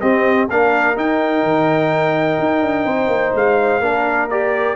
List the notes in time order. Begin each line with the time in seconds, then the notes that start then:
0.00 C4 G4 D#5
0.49 A#3 D4 A#4 F5
0.96 D#4 G5
1.43 D#3
2.40 D#4
2.62 D4
2.85 C4 C5
3.08 A#3
3.35 G#3 F5
3.80 A#3 D4 A#4
4.30 G4 D5